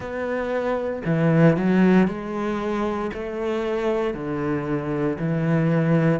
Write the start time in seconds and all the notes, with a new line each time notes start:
0.00 B3
1.05 E3
1.57 F#3
2.07 G#3
3.13 A3
4.14 D3
5.18 E3